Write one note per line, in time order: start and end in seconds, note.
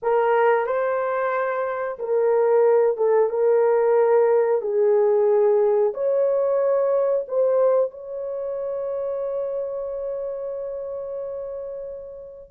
0.02 0.66 A#4
0.66 1.98 C5
1.98 2.97 A#4
2.97 3.29 A4
3.29 4.61 A#4
4.61 5.93 G#4
5.93 7.25 C#5
7.28 7.90 C5
7.90 12.50 C#5